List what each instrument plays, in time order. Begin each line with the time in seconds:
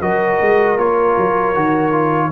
0.00 tuba F#3, trombone F#4, horn A#4, trumpet D#5
0.41 tuba G#3
0.77 tuba A#3, trombone F4, trumpet C#5
1.17 tuba F#3
1.54 tuba D#3, trombone F#4
1.91 trombone F4